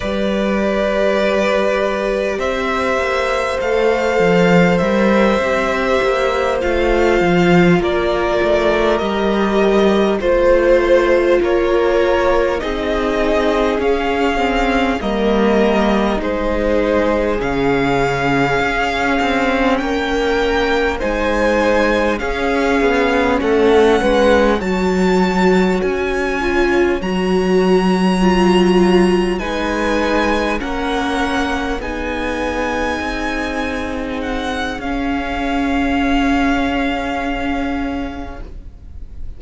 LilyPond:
<<
  \new Staff \with { instrumentName = "violin" } { \time 4/4 \tempo 4 = 50 d''2 e''4 f''4 | e''4. f''4 d''4 dis''8~ | dis''8 c''4 cis''4 dis''4 f''8~ | f''8 dis''4 c''4 f''4.~ |
f''8 g''4 gis''4 f''4 fis''8~ | fis''8 a''4 gis''4 ais''4.~ | ais''8 gis''4 fis''4 gis''4.~ | gis''8 fis''8 f''2. | }
  \new Staff \with { instrumentName = "violin" } { \time 4/4 b'2 c''2~ | c''2~ c''8 ais'4.~ | ais'8 c''4 ais'4 gis'4.~ | gis'8 ais'4 gis'2~ gis'8~ |
gis'8 ais'4 c''4 gis'4 a'8 | b'8 cis''2.~ cis''8~ | cis''8 b'4 ais'4 gis'4.~ | gis'1 | }
  \new Staff \with { instrumentName = "viola" } { \time 4/4 g'2. a'4 | ais'8 g'4 f'2 g'8~ | g'8 f'2 dis'4 cis'8 | c'8 ais4 dis'4 cis'4.~ |
cis'4. dis'4 cis'4.~ | cis'8 fis'4. f'8 fis'4 f'8~ | f'8 dis'4 cis'4 dis'4.~ | dis'4 cis'2. | }
  \new Staff \with { instrumentName = "cello" } { \time 4/4 g2 c'8 ais8 a8 f8 | g8 c'8 ais8 a8 f8 ais8 a8 g8~ | g8 a4 ais4 c'4 cis'8~ | cis'8 g4 gis4 cis4 cis'8 |
c'8 ais4 gis4 cis'8 b8 a8 | gis8 fis4 cis'4 fis4.~ | fis8 gis4 ais4 b4 c'8~ | c'4 cis'2. | }
>>